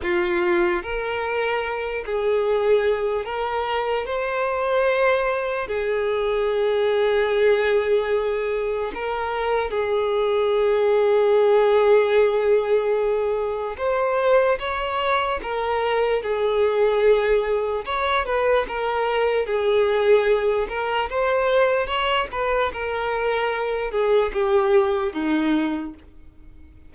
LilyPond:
\new Staff \with { instrumentName = "violin" } { \time 4/4 \tempo 4 = 74 f'4 ais'4. gis'4. | ais'4 c''2 gis'4~ | gis'2. ais'4 | gis'1~ |
gis'4 c''4 cis''4 ais'4 | gis'2 cis''8 b'8 ais'4 | gis'4. ais'8 c''4 cis''8 b'8 | ais'4. gis'8 g'4 dis'4 | }